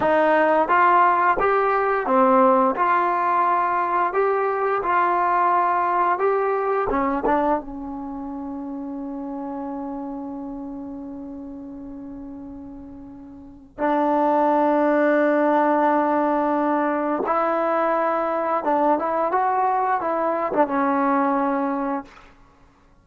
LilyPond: \new Staff \with { instrumentName = "trombone" } { \time 4/4 \tempo 4 = 87 dis'4 f'4 g'4 c'4 | f'2 g'4 f'4~ | f'4 g'4 cis'8 d'8 cis'4~ | cis'1~ |
cis'1 | d'1~ | d'4 e'2 d'8 e'8 | fis'4 e'8. d'16 cis'2 | }